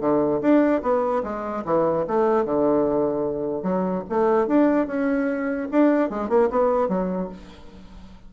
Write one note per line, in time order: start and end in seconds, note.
0.00 0.41 D3
0.41 0.82 D4
0.82 1.22 B3
1.23 1.64 G#3
1.65 2.05 E3
2.07 2.45 A3
2.45 3.62 D3
3.62 4.03 F#3
4.09 4.47 A3
4.47 4.87 D4
4.87 5.68 C#4
5.71 6.09 D4
6.09 6.29 G#3
6.29 6.49 A#3
6.50 6.88 B3
6.88 7.29 F#3